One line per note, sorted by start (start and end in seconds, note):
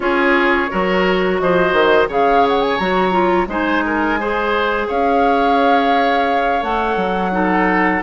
0.00 0.68 C#4
0.00 0.69 F4
0.00 0.70 G#4
0.00 1.38 C#5
0.70 1.41 F#3
0.70 2.09 F#4
0.70 1.40 A#4
1.39 1.73 F3
1.39 2.08 C5
1.39 2.09 D#5
1.73 2.07 D#3
2.08 2.78 C#3
2.08 2.79 G#4
2.08 3.48 C#5
2.08 2.47 F5
2.48 2.61 F#5
2.61 2.77 G#5
2.77 3.47 F#3
2.77 3.11 F#4
2.77 3.47 A#5
3.11 3.46 F4
3.47 4.87 G#3
3.47 4.19 D#4
3.47 3.84 C5
3.47 4.89 G#5
3.85 4.19 A#4
4.19 6.61 G#4
4.19 4.87 C5
4.87 6.62 C#4
4.87 7.32 C#5
4.87 6.63 F5
6.61 6.96 A3
6.61 7.31 A4
6.61 8.02 F#5
6.96 8.01 F#3
7.31 8.01 D#4
7.31 8.02 A4